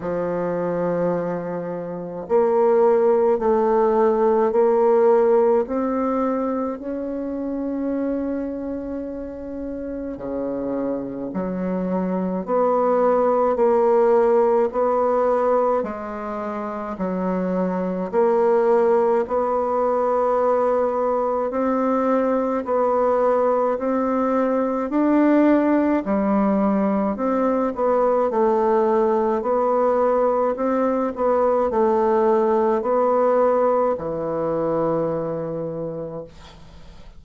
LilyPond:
\new Staff \with { instrumentName = "bassoon" } { \time 4/4 \tempo 4 = 53 f2 ais4 a4 | ais4 c'4 cis'2~ | cis'4 cis4 fis4 b4 | ais4 b4 gis4 fis4 |
ais4 b2 c'4 | b4 c'4 d'4 g4 | c'8 b8 a4 b4 c'8 b8 | a4 b4 e2 | }